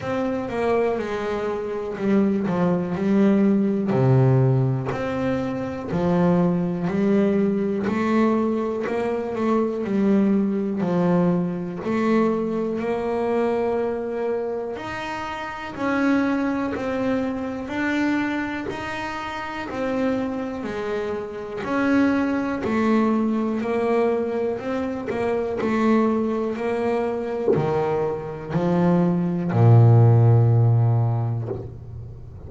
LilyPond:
\new Staff \with { instrumentName = "double bass" } { \time 4/4 \tempo 4 = 61 c'8 ais8 gis4 g8 f8 g4 | c4 c'4 f4 g4 | a4 ais8 a8 g4 f4 | a4 ais2 dis'4 |
cis'4 c'4 d'4 dis'4 | c'4 gis4 cis'4 a4 | ais4 c'8 ais8 a4 ais4 | dis4 f4 ais,2 | }